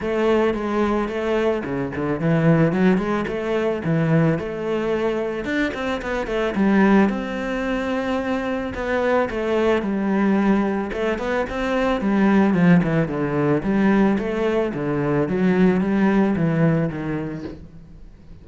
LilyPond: \new Staff \with { instrumentName = "cello" } { \time 4/4 \tempo 4 = 110 a4 gis4 a4 cis8 d8 | e4 fis8 gis8 a4 e4 | a2 d'8 c'8 b8 a8 | g4 c'2. |
b4 a4 g2 | a8 b8 c'4 g4 f8 e8 | d4 g4 a4 d4 | fis4 g4 e4 dis4 | }